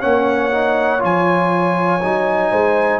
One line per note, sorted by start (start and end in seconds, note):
0.00 1.03 A#3
0.00 0.50 C#4
0.00 2.51 C#5
0.00 1.01 F#5
0.51 0.99 D#4
0.99 2.03 F3
0.99 1.99 F4
0.99 3.00 G#5
2.03 2.52 F#3
2.03 3.00 D#4
2.51 3.00 G#3
2.51 3.00 C5